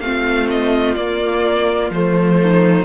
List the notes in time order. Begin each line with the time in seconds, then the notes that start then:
0.00 A3 C4 F4 F5
0.50 D#5
0.95 A#3 D5
1.90 F3 A3 C5
2.41 D#4